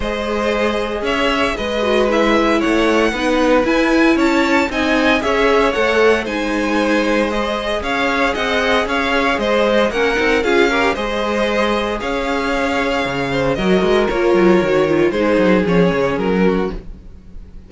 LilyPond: <<
  \new Staff \with { instrumentName = "violin" } { \time 4/4 \tempo 4 = 115 dis''2 e''4 dis''4 | e''4 fis''2 gis''4 | a''4 gis''4 e''4 fis''4 | gis''2 dis''4 f''4 |
fis''4 f''4 dis''4 fis''4 | f''4 dis''2 f''4~ | f''2 dis''4 cis''4~ | cis''4 c''4 cis''4 ais'4 | }
  \new Staff \with { instrumentName = "violin" } { \time 4/4 c''2 cis''4 b'4~ | b'4 cis''4 b'2 | cis''4 dis''4 cis''2 | c''2. cis''4 |
dis''4 cis''4 c''4 ais'4 | gis'8 ais'8 c''2 cis''4~ | cis''4. c''8 ais'2~ | ais'4 gis'2~ gis'8 fis'8 | }
  \new Staff \with { instrumentName = "viola" } { \time 4/4 gis'2.~ gis'8 fis'8 | e'2 dis'4 e'4~ | e'4 dis'4 gis'4 a'4 | dis'2 gis'2~ |
gis'2. cis'8 dis'8 | f'8 g'8 gis'2.~ | gis'2 fis'4 f'4 | fis'8 f'8 dis'4 cis'2 | }
  \new Staff \with { instrumentName = "cello" } { \time 4/4 gis2 cis'4 gis4~ | gis4 a4 b4 e'4 | cis'4 c'4 cis'4 a4 | gis2. cis'4 |
c'4 cis'4 gis4 ais8 c'8 | cis'4 gis2 cis'4~ | cis'4 cis4 fis8 gis8 ais8 fis8 | dis4 gis8 fis8 f8 cis8 fis4 | }
>>